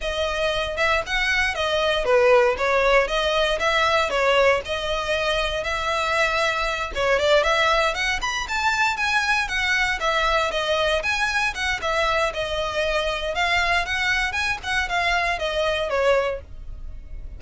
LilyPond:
\new Staff \with { instrumentName = "violin" } { \time 4/4 \tempo 4 = 117 dis''4. e''8 fis''4 dis''4 | b'4 cis''4 dis''4 e''4 | cis''4 dis''2 e''4~ | e''4. cis''8 d''8 e''4 fis''8 |
b''8 a''4 gis''4 fis''4 e''8~ | e''8 dis''4 gis''4 fis''8 e''4 | dis''2 f''4 fis''4 | gis''8 fis''8 f''4 dis''4 cis''4 | }